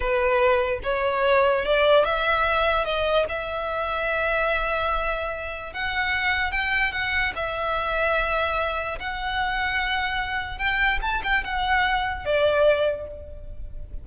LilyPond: \new Staff \with { instrumentName = "violin" } { \time 4/4 \tempo 4 = 147 b'2 cis''2 | d''4 e''2 dis''4 | e''1~ | e''2 fis''2 |
g''4 fis''4 e''2~ | e''2 fis''2~ | fis''2 g''4 a''8 g''8 | fis''2 d''2 | }